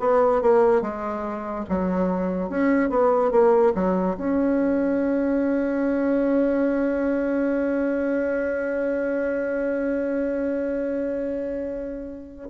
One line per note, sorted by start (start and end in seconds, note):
0.00 0.42 B3
0.42 0.82 A#3
0.82 1.65 G#3
1.70 2.50 F#3
2.50 2.90 C#4
2.90 3.31 B3
3.31 3.73 A#3
3.75 4.17 F#3
4.18 12.50 C#4